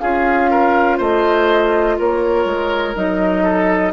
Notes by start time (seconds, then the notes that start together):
0.00 C#4 F4 G#4 F5
0.51 A#4
0.98 A3 C5 D#5
1.99 A#3 A#4 C#5
2.45 G#3
2.94 F#3 D#4 D#5
3.43 A4